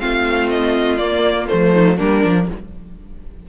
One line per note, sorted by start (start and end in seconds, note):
0.00 0.99 A3
0.00 0.98 C4
0.00 1.73 F4
0.00 0.49 F5
0.49 0.98 D#5
0.98 1.48 A#3
0.98 1.47 D5
1.48 2.00 F3
1.48 1.97 A3
1.48 1.97 C5
1.73 1.97 D#4
1.97 2.24 G3
1.97 2.22 A#3
1.97 2.46 D4
1.97 2.49 A#4
2.22 2.49 F3
2.22 2.46 D4